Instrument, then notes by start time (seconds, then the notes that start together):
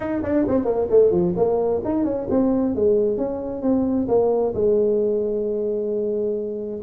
tuba
0.00 D#4
0.23 D4
0.48 C4
0.64 A#3
0.90 A3
1.11 F3
1.36 A#3
1.84 D#4
2.04 C#4
2.30 C4
2.75 G#3
3.17 C#4
3.62 C4
4.08 A#3
4.54 G#3